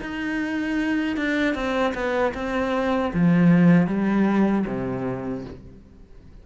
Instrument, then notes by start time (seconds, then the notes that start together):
cello
0.00 D#4
1.17 D4
1.54 C4
1.94 B3
2.34 C4
3.13 F3
3.87 G3
4.66 C3